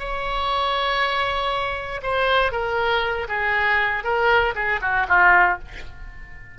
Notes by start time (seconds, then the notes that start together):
0.00 C#5
2.03 C5
2.52 A#4
3.29 G#4
4.04 A#4
4.55 G#4
4.82 F#4
5.09 F4